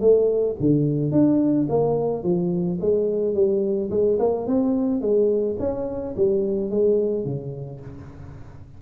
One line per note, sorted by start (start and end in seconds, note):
0.00 0.56 A3
0.59 1.11 D3
1.11 1.67 D4
1.69 2.23 A#3
2.23 2.79 F3
2.80 3.34 G#3
3.34 3.90 G3
3.90 4.18 G#3
4.19 4.46 A#3
4.46 5.01 C4
5.01 5.57 G#3
5.59 6.14 C#4
6.16 6.70 G3
6.70 7.24 G#3
7.24 7.80 C#3